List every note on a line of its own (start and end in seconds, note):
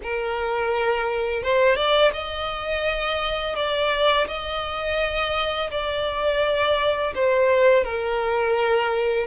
0.02 1.43 A#4
1.43 1.75 C5
1.75 2.11 D5
2.13 3.55 D#5
3.55 4.27 D5
4.27 5.70 D#5
5.70 7.13 D5
7.15 7.83 C5
7.83 9.26 A#4